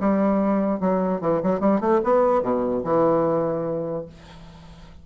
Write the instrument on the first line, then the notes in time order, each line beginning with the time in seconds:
bassoon
0.00 G3
0.80 F#3
1.21 E3
1.43 F#3
1.60 G3
1.80 A3
2.03 B3
2.42 B2
2.84 E3